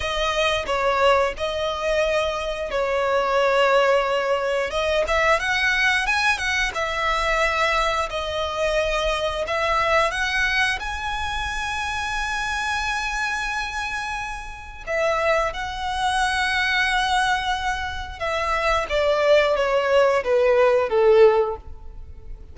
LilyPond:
\new Staff \with { instrumentName = "violin" } { \time 4/4 \tempo 4 = 89 dis''4 cis''4 dis''2 | cis''2. dis''8 e''8 | fis''4 gis''8 fis''8 e''2 | dis''2 e''4 fis''4 |
gis''1~ | gis''2 e''4 fis''4~ | fis''2. e''4 | d''4 cis''4 b'4 a'4 | }